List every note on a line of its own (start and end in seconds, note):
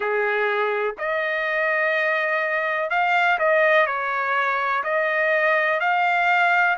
0.00 0.95 G#4
0.98 2.89 D#5
2.89 3.38 F5
3.38 3.86 D#5
3.86 4.83 C#5
4.83 5.79 D#5
5.79 6.76 F5